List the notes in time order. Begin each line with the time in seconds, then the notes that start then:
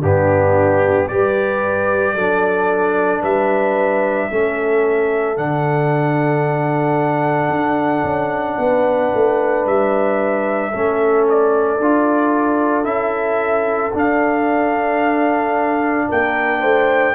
0.00 G2 B3 D4 G4
1.08 G3 G4 B4 D5
2.15 F#3 D4 A4
3.21 G3 B4 E5
4.31 A3 C#4 A4
5.37 D3 D4 F#5
7.50 D4
8.04 C#4
8.58 B3 B4
9.14 A3
9.66 G3 E5
10.70 A3 C#4 A4
11.29 D5
11.79 D4 F4
12.84 C#4 E4 E5
13.94 D4 F5
16.08 A#3 A#4 G5
16.60 A3 C5